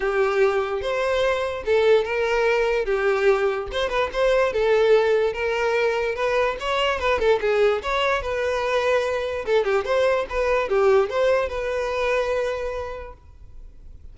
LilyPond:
\new Staff \with { instrumentName = "violin" } { \time 4/4 \tempo 4 = 146 g'2 c''2 | a'4 ais'2 g'4~ | g'4 c''8 b'8 c''4 a'4~ | a'4 ais'2 b'4 |
cis''4 b'8 a'8 gis'4 cis''4 | b'2. a'8 g'8 | c''4 b'4 g'4 c''4 | b'1 | }